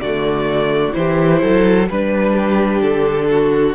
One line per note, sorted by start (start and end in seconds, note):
0.00 0.95 D3
0.00 0.92 A3
0.00 0.95 F#4
0.00 0.94 D5
0.92 1.42 E3
0.92 1.86 E4
0.92 1.42 G4
0.92 1.87 C5
1.42 1.89 F#3
1.42 1.89 A4
1.89 2.82 G3
1.89 3.74 D4
1.89 2.81 B4
1.89 2.33 B4
2.33 3.27 G4
2.81 3.74 D3
2.81 3.74 A4
3.30 3.74 F#4